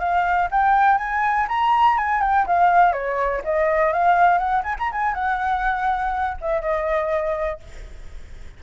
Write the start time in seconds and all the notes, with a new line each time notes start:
0.00 F5
0.51 G5
0.98 G#5
1.49 A#5
1.98 G#5
2.22 G5
2.47 F5
2.93 C#5
3.44 D#5
3.93 F5
4.38 F#5
4.64 G#5
4.80 A#5
4.92 G#5
5.15 F#5
6.42 E5
6.62 D#5